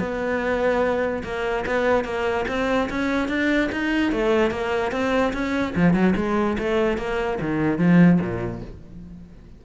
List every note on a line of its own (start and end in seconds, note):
0.00 1.23 B3
1.24 1.65 A#3
1.66 2.05 B3
2.05 2.46 A#3
2.49 2.90 C4
2.90 3.29 C#4
3.29 3.70 D4
3.72 4.12 D#4
4.12 4.51 A3
4.51 4.92 A#3
4.92 5.33 C4
5.33 5.75 C#4
5.76 5.94 F3
5.94 6.14 F#3
6.17 6.58 G#3
6.59 6.98 A3
6.98 7.39 A#3
7.41 7.79 D#3
7.79 8.20 F3
8.21 8.62 A#2